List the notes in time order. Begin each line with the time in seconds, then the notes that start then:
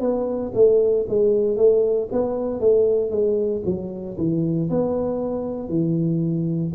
0.00 B3
0.54 A3
1.08 G#3
1.56 A3
2.11 B3
2.60 A3
3.10 G#3
3.64 F#3
4.17 E3
4.69 B3
5.68 E3